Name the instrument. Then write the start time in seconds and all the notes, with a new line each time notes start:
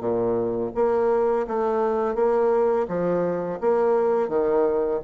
bassoon
0.00 A#2
0.75 A#3
1.47 A3
2.15 A#3
2.88 F3
3.61 A#3
4.29 D#3